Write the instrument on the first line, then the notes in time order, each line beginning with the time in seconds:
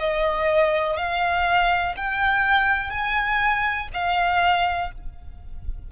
violin
0.00 D#5
0.97 F5
1.97 G5
2.91 G#5
3.94 F5